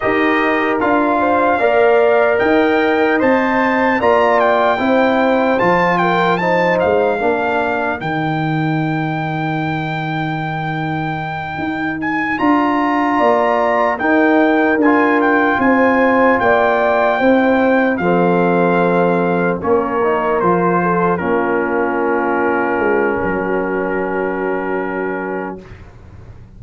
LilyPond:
<<
  \new Staff \with { instrumentName = "trumpet" } { \time 4/4 \tempo 4 = 75 dis''4 f''2 g''4 | a''4 ais''8 g''4. a''8 g''8 | a''8 f''4. g''2~ | g''2. gis''8 ais''8~ |
ais''4. g''4 gis''8 g''8 gis''8~ | gis''8 g''2 f''4.~ | f''8 cis''4 c''4 ais'4.~ | ais'1 | }
  \new Staff \with { instrumentName = "horn" } { \time 4/4 ais'4. c''8 d''4 dis''4~ | dis''4 d''4 c''4. ais'8 | c''4 ais'2.~ | ais'1~ |
ais'8 d''4 ais'2 c''8~ | c''8 d''4 c''4 a'4.~ | a'8 ais'4. a'8 f'4.~ | f'4 fis'2. | }
  \new Staff \with { instrumentName = "trombone" } { \time 4/4 g'4 f'4 ais'2 | c''4 f'4 e'4 f'4 | dis'4 d'4 dis'2~ | dis'2.~ dis'8 f'8~ |
f'4. dis'4 f'4.~ | f'4. e'4 c'4.~ | c'8 cis'8 dis'8 f'4 cis'4.~ | cis'1 | }
  \new Staff \with { instrumentName = "tuba" } { \time 4/4 dis'4 d'4 ais4 dis'4 | c'4 ais4 c'4 f4~ | f8 gis8 ais4 dis2~ | dis2~ dis8 dis'4 d'8~ |
d'8 ais4 dis'4 d'4 c'8~ | c'8 ais4 c'4 f4.~ | f8 ais4 f4 ais4.~ | ais8 gis8 fis2. | }
>>